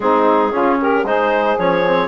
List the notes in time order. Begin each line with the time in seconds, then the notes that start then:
0.00 G#3 C4 D#4 G#4
0.51 C#3 C#4 F4
0.79 G4 A#4
1.03 G#3 D#4 G#4 C5
1.58 F3 C#4 C#5
1.86 C4